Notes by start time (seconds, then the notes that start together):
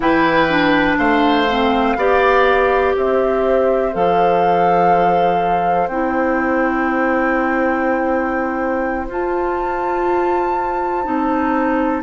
0.00 E3 E4 B4 G5
0.49 D4
0.98 A3 C5 F5
1.49 C4
1.96 B3 G4 D5
2.96 C4 C5 E5
3.92 F3 A4 F5
5.87 C4 E4 G5
9.08 F4 A5
11.04 C4 D#4